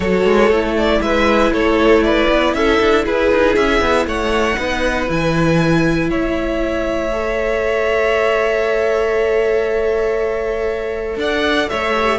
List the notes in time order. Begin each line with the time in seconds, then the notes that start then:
0.00 F#3 F#4 A4 C#5
0.24 G#3
0.49 A3 E4
0.77 D5
1.01 G#3 B4 E5
1.52 A3 A4 C#5
2.03 B4 D5
2.28 B3
2.54 C#4 A4 E5
2.80 D4
3.05 E4 G#4 B4
3.31 D#4
3.55 C#4 E5
3.80 B3
4.06 A3 C#5 F#5
4.55 B3 D#4 B4
5.08 E3 E4 G#5
6.09 A3 C#5 E5
7.12 A4
11.16 D4 D5 F#5
11.69 A3 C#5 E5
11.95 G4